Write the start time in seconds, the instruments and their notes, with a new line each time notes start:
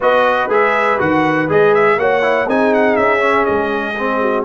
0.00 tuba B3, trombone F#4, horn B4, trumpet D#5
0.48 tuba G#3, trombone G#4, trumpet E5
0.98 tuba D#3, trombone F#4, trumpet F#5
1.48 tuba G#3, trombone G#4, trumpet D#5
1.74 trumpet E5
1.97 tuba A#3, trombone F#4, horn C#5, trumpet F#5
2.22 trombone E4
2.46 tuba C4, trombone D#4, horn G#4, trumpet G#5
2.74 trumpet F#5
2.96 tuba C#4, trumpet E5
3.18 trombone C#4
3.45 tuba G#3, trumpet D#5
3.98 trombone C4
4.21 horn F#4